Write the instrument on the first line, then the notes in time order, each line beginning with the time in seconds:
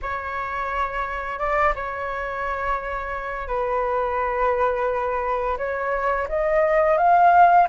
flute
0.02 C#5
1.38 D5
1.75 C#5
3.47 B4
5.57 C#5
6.28 D#5
6.97 F5